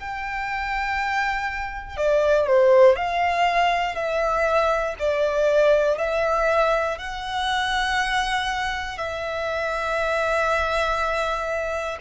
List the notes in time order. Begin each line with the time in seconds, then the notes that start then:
0.00 G5
1.97 D5
2.47 C5
2.95 F5
3.95 E5
4.99 D5
5.98 E5
6.98 F#5
8.98 E5